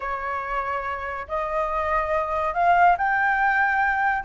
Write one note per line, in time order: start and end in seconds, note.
0.00 1.27 C#5
1.28 2.54 D#5
2.54 2.96 F5
2.97 4.24 G5